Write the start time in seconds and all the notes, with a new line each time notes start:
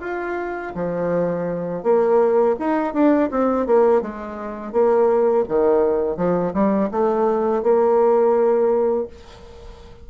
0.00 F4
0.74 F3
1.83 A#3
2.59 D#4
2.93 D4
3.31 C4
3.66 A#3
4.01 G#3
4.72 A#3
5.48 D#3
6.16 F3
6.53 G3
6.91 A3
7.62 A#3